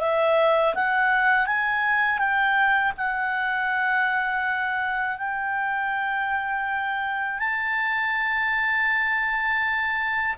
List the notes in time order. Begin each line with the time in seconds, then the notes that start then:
0.00 E5
0.75 F#5
1.46 G#5
2.18 G5
2.97 F#5
5.18 G5
7.39 A5